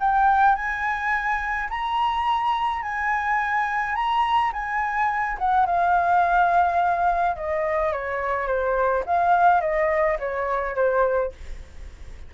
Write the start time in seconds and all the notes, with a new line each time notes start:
0.00 G5
0.56 G#5
1.70 A#5
2.83 G#5
3.95 A#5
4.53 G#5
5.39 F#5
5.66 F5
7.36 D#5
7.92 C#5
8.47 C5
9.06 F5
9.61 D#5
10.19 C#5
10.75 C5